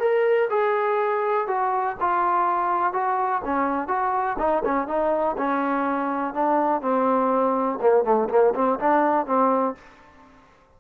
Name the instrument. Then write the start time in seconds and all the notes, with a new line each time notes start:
trombone
0.00 A#4
0.50 G#4
1.48 F#4
2.00 F4
2.93 F#4
3.45 C#4
3.88 F#4
4.39 D#4
4.65 C#4
4.88 D#4
5.38 C#4
6.34 D4
6.81 C4
7.81 A#3
8.04 A3
8.30 A#3
8.55 C4
8.79 D4
9.26 C4